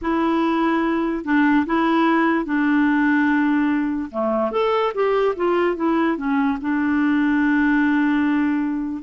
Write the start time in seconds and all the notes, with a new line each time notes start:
0.01 E4
1.24 D4
1.66 E4
2.45 D4
4.11 A3
4.51 A4
4.94 G4
5.36 F4
5.76 E4
6.16 C#4
6.61 D4